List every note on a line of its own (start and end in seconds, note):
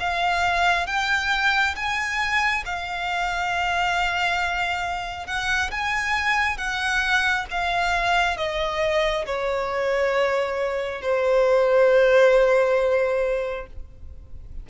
0.00 0.87 F5
0.87 1.75 G5
1.76 2.64 G#5
2.66 5.27 F5
5.27 5.71 F#5
5.72 6.58 G#5
6.58 7.46 F#5
7.51 8.37 F5
8.37 9.26 D#5
9.26 11.02 C#5
11.02 13.67 C5